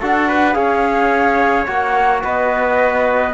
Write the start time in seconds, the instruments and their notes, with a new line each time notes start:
0.00 cello D4, trombone F#4, trumpet A4, flute F#5
0.28 trumpet B4
0.53 cello C#4, trombone G#4, trumpet C#5, flute F5
1.66 cello A#3, trombone F#4, flute F#5
2.24 cello B3, trumpet B4, flute D#5